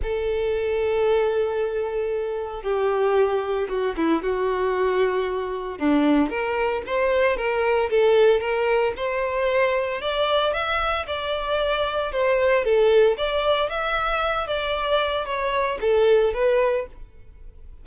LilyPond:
\new Staff \with { instrumentName = "violin" } { \time 4/4 \tempo 4 = 114 a'1~ | a'4 g'2 fis'8 e'8 | fis'2. d'4 | ais'4 c''4 ais'4 a'4 |
ais'4 c''2 d''4 | e''4 d''2 c''4 | a'4 d''4 e''4. d''8~ | d''4 cis''4 a'4 b'4 | }